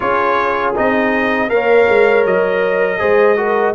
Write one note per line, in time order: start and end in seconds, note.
0.00 0.75 C#4
0.00 0.74 F4
0.00 1.50 G#4
0.00 0.73 C#5
0.75 1.50 C4
0.75 1.49 D#4
0.75 1.49 D#5
1.49 1.87 A#3
1.49 2.98 A#4
1.49 2.99 C#5
1.49 2.24 F5
1.88 2.25 G#3
2.25 3.00 F#3
2.25 3.75 D#5
2.98 3.75 G#3
2.98 3.36 G#4
2.98 3.37 C5
3.37 3.74 F#4
3.37 3.75 A#4